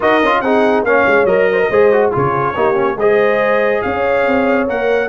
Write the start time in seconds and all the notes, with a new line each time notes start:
0.00 D#4 F#4 A#4 D#5
0.22 C#4 F4
0.40 C4 D#4 G#4 F#5
0.83 A#3 C#4 C#5 F5
1.07 G#3
1.25 F#3 A#4 D#5
1.52 C5
1.60 A#4
1.70 G#3 G#4 C5
1.92 F#4
2.12 C#3 F4 G#4 C#5
2.55 A#3 D#4 G4
2.74 C#4
2.95 G#3 G#4 C5 D#5
3.82 C#4 C#5 F5
4.26 C4
4.68 A#3 A#4 F#5